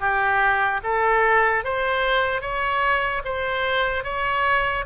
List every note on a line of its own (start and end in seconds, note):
0.00 0.81 G4
0.84 1.65 A4
1.65 2.41 C5
2.41 3.22 C#5
3.25 4.04 C5
4.04 4.85 C#5